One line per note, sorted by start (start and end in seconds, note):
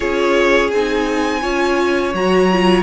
0.00 0.72 C#4
0.00 0.71 F4
0.00 1.40 G#4
0.00 0.70 C#5
0.70 1.44 C4
0.70 1.41 D#4
0.70 2.13 G#5
1.41 2.14 C#4
1.41 2.12 F4
1.41 2.82 C#5
2.14 2.82 F#3
2.14 2.51 F#4
2.14 2.82 A#5
2.51 2.82 F4